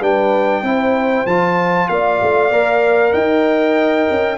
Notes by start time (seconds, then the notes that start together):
0.00 G3 D4 B4 G5
0.63 C4 E4 C5
1.26 F3 F4 A5
1.88 A#3 D5 F5
2.22 A3
2.50 A#3 A#4
3.13 D#4 D#5 G5
4.11 C#4